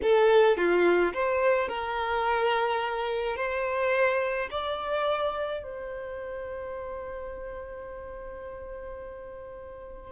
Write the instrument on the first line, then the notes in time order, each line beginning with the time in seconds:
violin
0.02 A4
0.57 F4
1.13 C5
1.68 A#4
3.36 C5
4.51 D5
5.63 C5